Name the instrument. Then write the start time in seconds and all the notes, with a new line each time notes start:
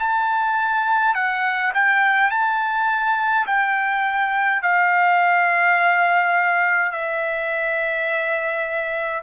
trumpet
0.00 A5
1.15 F#5
1.75 G5
2.31 A5
3.47 G5
4.63 F5
6.92 E5